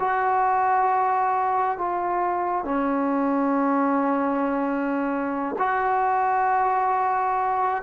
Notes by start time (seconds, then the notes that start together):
0.00 F#4
1.78 F4
2.65 C#4
5.59 F#4